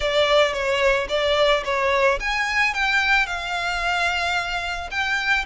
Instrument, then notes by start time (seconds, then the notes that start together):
violin
0.00 D5
0.53 C#5
1.09 D5
1.64 C#5
2.20 G#5
2.74 G5
3.26 F5
4.90 G5